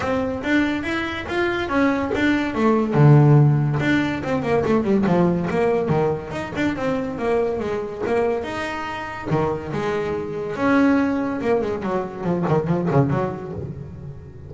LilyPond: \new Staff \with { instrumentName = "double bass" } { \time 4/4 \tempo 4 = 142 c'4 d'4 e'4 f'4 | cis'4 d'4 a4 d4~ | d4 d'4 c'8 ais8 a8 g8 | f4 ais4 dis4 dis'8 d'8 |
c'4 ais4 gis4 ais4 | dis'2 dis4 gis4~ | gis4 cis'2 ais8 gis8 | fis4 f8 dis8 f8 cis8 fis4 | }